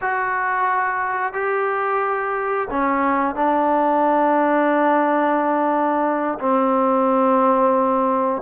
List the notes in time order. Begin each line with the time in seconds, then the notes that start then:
0.01 F#4
1.33 G4
2.70 C#4
3.35 D4
6.39 C4